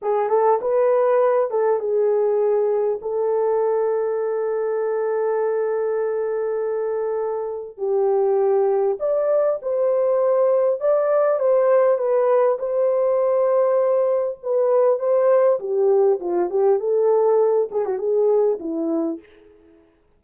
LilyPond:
\new Staff \with { instrumentName = "horn" } { \time 4/4 \tempo 4 = 100 gis'8 a'8 b'4. a'8 gis'4~ | gis'4 a'2.~ | a'1~ | a'4 g'2 d''4 |
c''2 d''4 c''4 | b'4 c''2. | b'4 c''4 g'4 f'8 g'8 | a'4. gis'16 fis'16 gis'4 e'4 | }